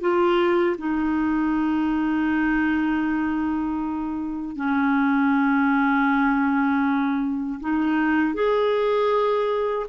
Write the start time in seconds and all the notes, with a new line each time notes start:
0.00 F4
0.78 D#4
4.56 C#4
7.60 D#4
8.34 G#4